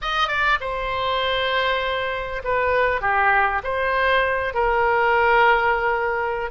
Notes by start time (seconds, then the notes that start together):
0.01 D#5
0.28 D5
0.60 C5
2.44 B4
3.01 G4
3.63 C5
4.54 A#4